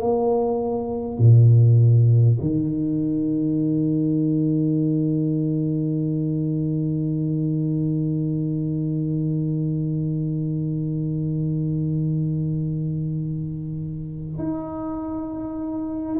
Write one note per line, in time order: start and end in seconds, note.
0.00 1.18 A#3
1.18 2.38 A#2
2.41 14.38 D#3
14.38 16.18 D#4